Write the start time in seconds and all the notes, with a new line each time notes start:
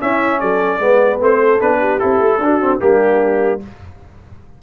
0.00 C#4 E4 E5
0.40 F#3 A4 D5
0.79 G#3 B3 B4
1.20 A3 C4 C5
1.39 A4
1.60 B3 D4 B4
1.80 G4
1.99 C4 E4 A4
2.20 A3
2.38 D4
2.44 F#4
2.61 C4
2.80 G3 A#3 D4 G4